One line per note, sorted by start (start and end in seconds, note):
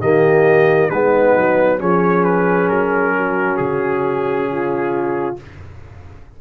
0.00 0.90 D#3
0.00 0.91 A#3
0.00 0.90 G4
0.00 0.90 D#5
0.90 1.35 G#3
0.90 1.79 B3
0.90 1.79 D#4
0.90 1.79 B4
1.36 1.81 F#3
1.79 2.70 F3
1.79 5.37 C#4
1.79 3.14 G#4
1.79 2.24 C#5
2.24 2.68 B4
2.68 3.59 F#3
2.68 3.57 A#4
3.17 4.51 F#4
3.57 5.38 C#3
3.57 5.36 G#4
4.51 5.41 F4